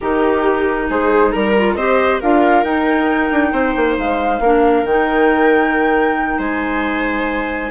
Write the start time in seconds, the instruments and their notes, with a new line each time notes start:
0.00 bassoon D#3, clarinet D#4, viola G4, flute A#4
0.89 bassoon G#3, viola G#4, flute C5
1.31 bassoon G3, flute A#4, viola A#4
1.57 clarinet F4
1.75 bassoon C4, clarinet G4, viola C5, flute D#5
2.20 bassoon D4, clarinet F4, viola A#4, flute F5
2.63 bassoon D#4, clarinet D#4, flute G5
3.30 bassoon D4
3.52 bassoon C4, viola C5
3.75 bassoon A#3
3.98 bassoon G#3, flute F5
4.39 bassoon A#3, clarinet D4, viola A#4
4.84 bassoon D#3, clarinet D#4, flute G5
6.38 bassoon G#3, viola C5, flute G#5